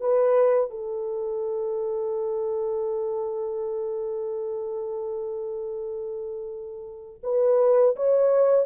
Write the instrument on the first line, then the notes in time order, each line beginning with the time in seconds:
horn
0.00 B4
0.70 A4
7.23 B4
7.96 C#5